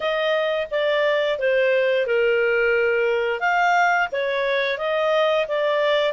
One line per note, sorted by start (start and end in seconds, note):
0.00 0.67 D#5
0.70 1.39 D5
1.39 2.06 C5
2.06 3.39 A#4
3.39 4.08 F5
4.12 4.78 C#5
4.78 5.46 D#5
5.48 6.12 D5